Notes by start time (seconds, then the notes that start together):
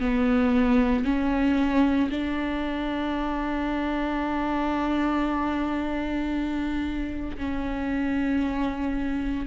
0.00 B3
1.05 C#4
2.11 D4
7.38 C#4